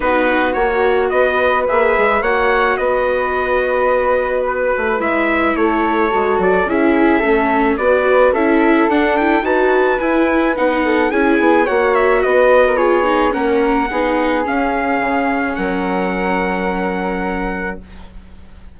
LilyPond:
<<
  \new Staff \with { instrumentName = "trumpet" } { \time 4/4 \tempo 4 = 108 b'4 cis''4 dis''4 e''4 | fis''4 dis''2. | b'4 e''4 cis''4. d''8 | e''2 d''4 e''4 |
fis''8 g''8 a''4 gis''4 fis''4 | gis''4 fis''8 e''8 dis''4 cis''4 | fis''2 f''2 | fis''1 | }
  \new Staff \with { instrumentName = "flute" } { \time 4/4 fis'2 b'2 | cis''4 b'2.~ | b'2 a'2 | gis'4 a'4 b'4 a'4~ |
a'4 b'2~ b'8 a'8 | gis'4 cis''4 b'8. ais'16 gis'4 | ais'4 gis'2. | ais'1 | }
  \new Staff \with { instrumentName = "viola" } { \time 4/4 dis'4 fis'2 gis'4 | fis'1~ | fis'4 e'2 fis'4 | e'4 cis'4 fis'4 e'4 |
d'8 e'8 fis'4 e'4 dis'4 | e'4 fis'2 f'8 dis'8 | cis'4 dis'4 cis'2~ | cis'1 | }
  \new Staff \with { instrumentName = "bassoon" } { \time 4/4 b4 ais4 b4 ais8 gis8 | ais4 b2.~ | b8 a8 gis4 a4 gis8 fis8 | cis'4 a4 b4 cis'4 |
d'4 dis'4 e'4 b4 | cis'8 b8 ais4 b2 | ais4 b4 cis'4 cis4 | fis1 | }
>>